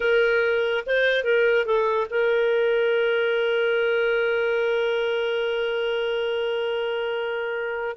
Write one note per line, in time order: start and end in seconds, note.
0.00 0.84 A#4
0.86 1.24 C5
1.24 1.65 A#4
1.65 2.07 A4
2.10 7.96 A#4